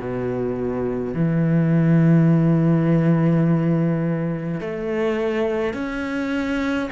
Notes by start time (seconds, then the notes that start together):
0.00 B2
1.14 E3
4.60 A3
5.73 C#4